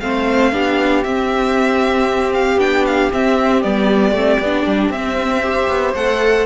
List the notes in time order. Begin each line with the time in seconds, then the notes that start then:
0.00 A3 C4 C5 F5
0.52 B3 D4 G4
1.03 C4 E5
2.33 F5
2.56 B3 D4 G5
2.86 F5
3.13 C4 E5
3.62 G3 B3 D5
4.11 A3 C4
4.40 B3 D4
4.66 G3
4.90 C4 E5
5.43 G4 C5
5.68 B3
5.94 A3 A4 F#5